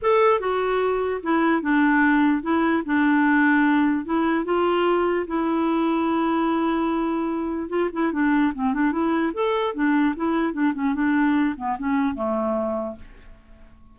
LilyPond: \new Staff \with { instrumentName = "clarinet" } { \time 4/4 \tempo 4 = 148 a'4 fis'2 e'4 | d'2 e'4 d'4~ | d'2 e'4 f'4~ | f'4 e'2.~ |
e'2. f'8 e'8 | d'4 c'8 d'8 e'4 a'4 | d'4 e'4 d'8 cis'8 d'4~ | d'8 b8 cis'4 a2 | }